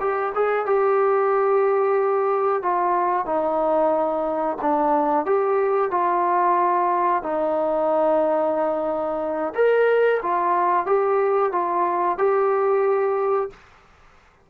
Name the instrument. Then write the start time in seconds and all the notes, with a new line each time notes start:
trombone
0.00 G4
0.35 G#4
0.66 G4
2.63 F4
3.25 D#4
4.62 D4
5.26 G4
5.91 F4
7.23 D#4
9.55 A#4
10.22 F4
10.86 G4
11.52 F4
12.18 G4